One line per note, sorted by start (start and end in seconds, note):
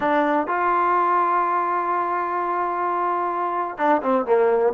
0.00 0.47 D4
0.47 3.78 F4
3.78 4.01 D4
4.02 4.25 C4
4.25 4.73 A#3